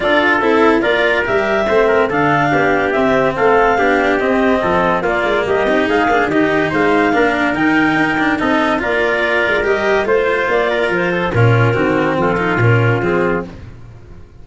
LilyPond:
<<
  \new Staff \with { instrumentName = "clarinet" } { \time 4/4 \tempo 4 = 143 d''4 a'4 d''4 e''4~ | e''4 f''2 e''4 | f''2 dis''2 | d''4 dis''4 f''4 dis''4 |
f''2 g''2 | dis''4 d''2 dis''4 | c''4 d''4 c''4 ais'4~ | ais'4 a'4 ais'4 gis'4 | }
  \new Staff \with { instrumentName = "trumpet" } { \time 4/4 a'2 ais'2 | c''8 ais'8 a'4 g'2 | a'4 g'2 a'4 | f'4 g'4 gis'4 g'4 |
c''4 ais'2. | a'4 ais'2. | c''4. ais'4 a'8 f'4 | fis'4 f'2. | }
  \new Staff \with { instrumentName = "cello" } { \time 4/4 f'4 e'4 f'4 g'4 | c'4 d'2 c'4~ | c'4 d'4 c'2 | ais4. dis'4 d'8 dis'4~ |
dis'4 d'4 dis'4. d'8 | dis'4 f'2 g'4 | f'2. cis'4 | c'4. dis'8 cis'4 c'4 | }
  \new Staff \with { instrumentName = "tuba" } { \time 4/4 d'4 c'4 ais4 g4 | a4 d4 b4 c'4 | a4 b4 c'4 f4 | ais8 gis8 g8 c'8 gis8 ais8 dis4 |
gis4 ais4 dis4 dis'4 | c'4 ais4. gis8 g4 | a4 ais4 f4 ais,4 | dis4 f4 ais,4 f4 | }
>>